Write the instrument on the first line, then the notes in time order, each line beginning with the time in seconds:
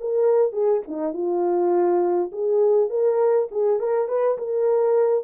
horn
0.00 A#4
0.52 G#4
0.88 D#4
1.13 F4
2.32 G#4
2.90 A#4
3.52 G#4
3.80 A#4
4.08 B4
4.38 A#4